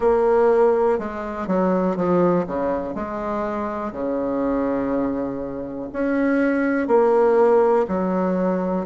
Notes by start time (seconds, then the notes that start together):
0.00 A#3
0.98 G#3
1.47 F#3
1.96 F3
2.46 C#3
2.95 G#3
3.92 C#3
5.92 C#4
6.87 A#3
7.88 F#3